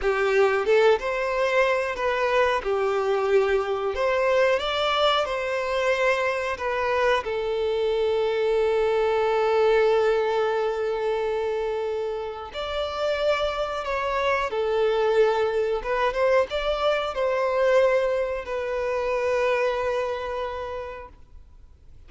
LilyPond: \new Staff \with { instrumentName = "violin" } { \time 4/4 \tempo 4 = 91 g'4 a'8 c''4. b'4 | g'2 c''4 d''4 | c''2 b'4 a'4~ | a'1~ |
a'2. d''4~ | d''4 cis''4 a'2 | b'8 c''8 d''4 c''2 | b'1 | }